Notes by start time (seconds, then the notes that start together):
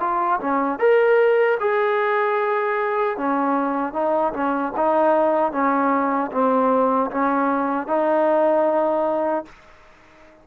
0.00 F4
0.41 C#4
0.79 A#4
1.60 G#4
3.17 C#4
3.93 D#4
4.33 C#4
4.76 D#4
5.52 C#4
6.31 C4
7.11 C#4
7.87 D#4